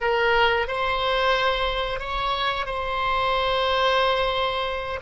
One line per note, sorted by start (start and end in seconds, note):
0.01 0.67 A#4
0.67 1.99 C5
1.99 2.66 C#5
2.66 4.99 C5